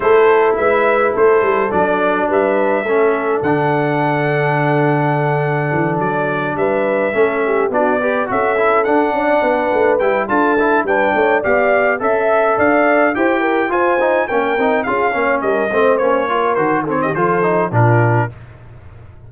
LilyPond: <<
  \new Staff \with { instrumentName = "trumpet" } { \time 4/4 \tempo 4 = 105 c''4 e''4 c''4 d''4 | e''2 fis''2~ | fis''2~ fis''8 d''4 e''8~ | e''4. d''4 e''4 fis''8~ |
fis''4. g''8 a''4 g''4 | f''4 e''4 f''4 g''4 | gis''4 g''4 f''4 dis''4 | cis''4 c''8 cis''16 dis''16 c''4 ais'4 | }
  \new Staff \with { instrumentName = "horn" } { \time 4/4 a'4 b'4 a'2 | b'4 a'2.~ | a'2.~ a'8 b'8~ | b'8 a'8 g'8 fis'8 b'8 a'4. |
d''8 b'4. a'4 b'8 cis''8 | d''4 e''4 d''4 c''8 ais'8 | c''4 ais'4 gis'8 cis''8 ais'8 c''8~ | c''8 ais'4 a'16 g'16 a'4 f'4 | }
  \new Staff \with { instrumentName = "trombone" } { \time 4/4 e'2. d'4~ | d'4 cis'4 d'2~ | d'1~ | d'8 cis'4 d'8 g'8 fis'8 e'8 d'8~ |
d'4. e'8 f'8 e'8 d'4 | g'4 a'2 g'4 | f'8 dis'8 cis'8 dis'8 f'8 cis'4 c'8 | cis'8 f'8 fis'8 c'8 f'8 dis'8 d'4 | }
  \new Staff \with { instrumentName = "tuba" } { \time 4/4 a4 gis4 a8 g8 fis4 | g4 a4 d2~ | d2 e8 fis4 g8~ | g8 a4 b4 cis'4 d'8 |
cis'8 b8 a8 g8 d'4 g8 a8 | b4 cis'4 d'4 e'4 | f'4 ais8 c'8 cis'8 ais8 g8 a8 | ais4 dis4 f4 ais,4 | }
>>